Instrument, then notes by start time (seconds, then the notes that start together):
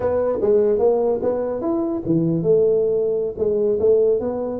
tuba
0.00 B3
0.41 G#3
0.78 A#3
1.22 B3
1.61 E4
2.05 E3
2.42 A3
3.38 G#3
3.79 A3
4.20 B3